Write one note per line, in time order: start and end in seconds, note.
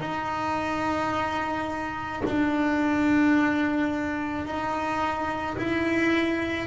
0.00 2.22 D#4
2.25 4.45 D4
4.45 5.57 D#4
5.58 6.67 E4